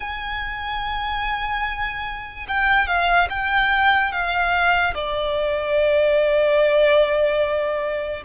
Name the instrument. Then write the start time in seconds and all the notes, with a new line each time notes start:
violin
0.00 G#5
2.48 G5
2.87 F5
3.29 G5
4.11 F5
4.94 D5